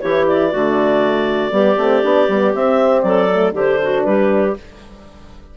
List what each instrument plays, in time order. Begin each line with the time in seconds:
0.00 bassoon E3, horn E4, clarinet G4 C#5
0.27 clarinet D5
0.50 bassoon D3, horn A3, clarinet F#4
1.51 bassoon G3, horn B3, clarinet G4
1.77 bassoon A3, horn C4
2.03 bassoon B3, horn D4
2.28 bassoon G3, horn B3
2.54 horn C4, bassoon C4, clarinet E5
3.01 bassoon F#3, clarinet A4 D5
3.30 horn A3
3.52 bassoon D3, horn D4, clarinet G4 C5
3.82 clarinet F#4
4.03 bassoon G3, clarinet G4 B4